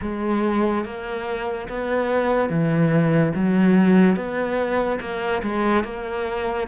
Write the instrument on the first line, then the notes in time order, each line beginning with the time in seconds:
cello
0.01 G#3
0.84 A#3
1.68 B3
2.49 E3
3.34 F#3
4.16 B3
5.00 A#3
5.42 G#3
5.84 A#3